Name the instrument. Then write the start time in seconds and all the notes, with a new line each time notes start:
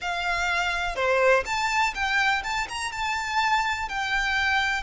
violin
0.01 F5
0.95 C5
1.45 A5
1.94 G5
2.43 A5
2.68 A#5
2.92 A5
3.88 G5